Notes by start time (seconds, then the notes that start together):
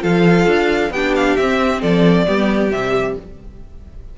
0.00 F3 F4 A4 F5
0.47 D4
0.90 B3 D4 G4 G5
1.16 F5
1.37 C4 E5
1.81 F3 A4 D5
2.27 G3 B3 G4
2.72 C3 G3 E5